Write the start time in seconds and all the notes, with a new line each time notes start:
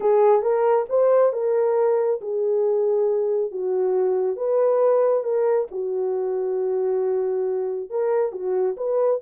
0.00 G#4
0.41 A#4
0.89 C5
1.32 A#4
2.21 G#4
3.51 F#4
4.36 B4
5.23 A#4
5.71 F#4
7.90 A#4
8.32 F#4
8.77 B4